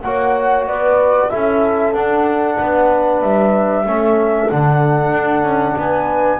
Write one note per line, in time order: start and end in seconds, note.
0.00 0.66 A#3
0.00 1.30 F#4
0.00 0.68 C#5
0.00 0.64 F#5
0.66 1.30 B3
0.66 1.30 B4
0.66 1.29 D5
1.29 1.93 C#4
1.29 1.93 E4
1.29 2.57 A4
1.29 1.93 E5
1.93 2.57 D4
1.93 3.85 D4
1.93 3.22 F#5
2.57 3.22 B3
2.57 3.84 B4
3.22 3.86 G3
3.22 4.49 E5
3.85 4.50 A3
3.85 4.49 C#4
3.85 5.76 A4
4.49 5.12 D3
4.49 6.39 D4
4.49 5.77 F#5
5.12 5.43 D4
5.43 5.75 C#4
5.76 6.39 B3
5.76 6.39 B4
5.76 6.39 G#5